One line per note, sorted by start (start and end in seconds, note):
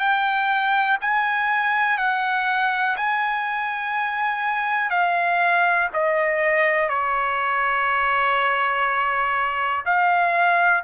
0.00 0.98 G5
1.01 1.98 G#5
1.98 2.96 F#5
2.97 4.90 G#5
4.90 5.89 F5
5.94 6.90 D#5
6.90 9.85 C#5
9.86 10.84 F5